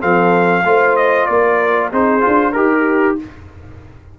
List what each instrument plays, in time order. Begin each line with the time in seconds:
0.00 tuba F3, trombone C4, horn A4, trumpet F5
0.64 tuba A3, trombone F4, horn C5
0.96 trumpet D#5
1.26 tuba A#3, horn A#4, trumpet D5
1.90 tuba C4, trombone D#4, horn G#4, trumpet C5
2.21 trombone F4
2.27 tuba D4
2.53 tuba D#4, horn G4, trombone G4, trumpet A#4